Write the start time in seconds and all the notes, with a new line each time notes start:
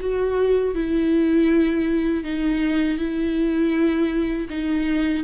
0.00 F#4
0.75 E4
2.24 D#4
2.98 E4
4.50 D#4